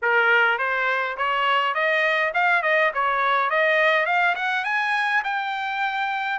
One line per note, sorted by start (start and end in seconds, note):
0.02 0.58 A#4
0.58 1.16 C5
1.17 1.74 C#5
1.74 2.32 D#5
2.34 2.62 F5
2.62 2.91 D#5
2.94 3.50 C#5
3.50 4.05 D#5
4.05 4.35 F5
4.35 4.64 F#5
4.64 5.22 G#5
5.23 6.39 G5